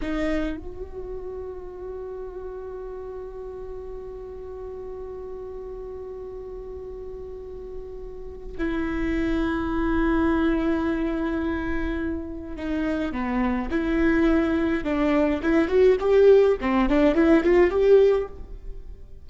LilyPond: \new Staff \with { instrumentName = "viola" } { \time 4/4 \tempo 4 = 105 dis'4 fis'2.~ | fis'1~ | fis'1~ | fis'2. e'4~ |
e'1~ | e'2 dis'4 b4 | e'2 d'4 e'8 fis'8 | g'4 c'8 d'8 e'8 f'8 g'4 | }